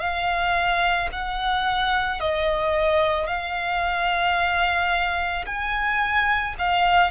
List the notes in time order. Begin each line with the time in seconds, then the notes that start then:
0.00 F5
1.13 F#5
2.20 D#5
3.27 F5
5.46 G#5
6.59 F5